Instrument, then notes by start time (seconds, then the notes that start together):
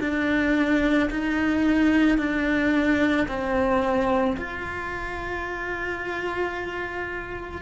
cello
0.00 D4
1.10 D#4
2.18 D4
3.27 C4
4.37 F4